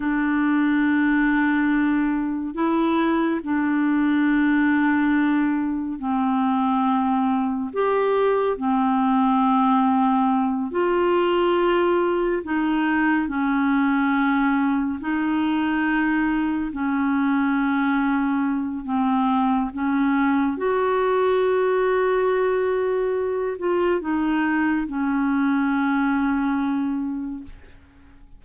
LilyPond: \new Staff \with { instrumentName = "clarinet" } { \time 4/4 \tempo 4 = 70 d'2. e'4 | d'2. c'4~ | c'4 g'4 c'2~ | c'8 f'2 dis'4 cis'8~ |
cis'4. dis'2 cis'8~ | cis'2 c'4 cis'4 | fis'2.~ fis'8 f'8 | dis'4 cis'2. | }